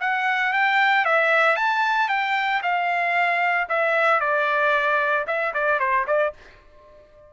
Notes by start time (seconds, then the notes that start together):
0.00 F#5
0.53 G5
1.05 E5
1.56 A5
2.08 G5
2.62 F5
3.69 E5
4.20 D5
5.27 E5
5.53 D5
5.79 C5
6.06 D5